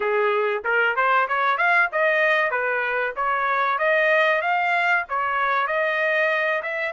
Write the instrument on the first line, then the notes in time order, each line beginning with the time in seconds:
trumpet
0.00 G#4
0.64 A#4
0.96 C5
1.27 C#5
1.57 F5
1.91 D#5
2.50 B4
3.16 C#5
3.78 D#5
4.41 F5
5.09 C#5
5.67 D#5
6.62 E5